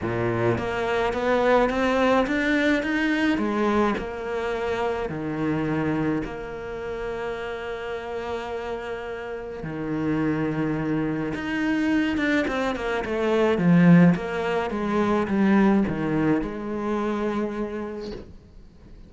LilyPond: \new Staff \with { instrumentName = "cello" } { \time 4/4 \tempo 4 = 106 ais,4 ais4 b4 c'4 | d'4 dis'4 gis4 ais4~ | ais4 dis2 ais4~ | ais1~ |
ais4 dis2. | dis'4. d'8 c'8 ais8 a4 | f4 ais4 gis4 g4 | dis4 gis2. | }